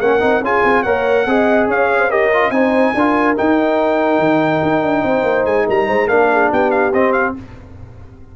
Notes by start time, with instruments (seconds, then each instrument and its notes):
0.00 tuba A#3, trombone C#4, horn A#4, trumpet F#5
0.20 tuba C4, trombone D#4
0.42 tuba C#4, trombone F4, horn G#4, trumpet G#5
0.64 tuba C4
0.83 tuba A#3, trombone A#4, horn C#5, trumpet F#5
1.26 tuba C4, trombone G#4, horn D#5
1.68 tuba C#4, horn C#5, trumpet F5
1.99 horn C5
2.09 trombone G4, horn A#4, trumpet D#5
2.33 trombone F4
2.50 tuba C4, trombone D#4, horn C5, trumpet G#5
2.95 tuba D4, trombone F4, horn A#4
3.36 trombone D#4, tuba D#4, trumpet G5
4.19 tuba D#3
4.63 tuba D#4
4.82 tuba D4
5.03 tuba C4, horn C5
5.23 tuba A#3
5.45 tuba G#3, trumpet G#5
5.66 tuba G3, horn A#4, trumpet A#5
5.87 tuba G#3, horn C5
6.07 tuba A#3, trombone D4, horn A#4, trumpet F5
6.32 horn G#4
6.51 tuba B3, horn G4, trumpet G5
6.71 trumpet F5
6.93 tuba C4, trombone C4, trumpet D#5
7.12 trumpet F5